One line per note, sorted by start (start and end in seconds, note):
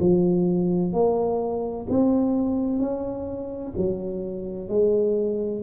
0.00 0.93 F3
0.93 1.87 A#3
1.90 2.80 C4
2.80 3.73 C#4
3.78 4.69 F#3
4.69 5.63 G#3